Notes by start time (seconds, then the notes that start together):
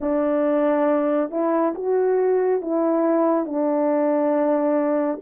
0.00 D4
1.30 E4
1.74 F#4
2.61 E4
3.45 D4